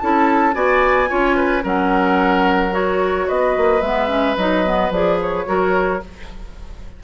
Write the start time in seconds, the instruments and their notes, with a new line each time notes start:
0.00 bassoon C#4, clarinet E4, oboe A4, flute A5
0.54 bassoon B3, clarinet F#4, oboe D5, flute G#5
1.09 bassoon C#4, clarinet F4, oboe C#5
1.37 oboe B4
1.64 bassoon F#3, clarinet C#4, oboe A#4, flute F#5
2.71 clarinet F#4, flute C#5
3.28 bassoon B3, oboe B4, flute D#5
3.57 bassoon A#3
3.82 bassoon G#3, clarinet B3, flute E5
4.08 clarinet C#4
4.37 bassoon F#3, clarinet D#4, flute D#5
4.65 clarinet B3
4.91 bassoon F3, clarinet G#4, flute D5
5.22 flute C#5
5.46 bassoon F#3, clarinet F#4, oboe A#4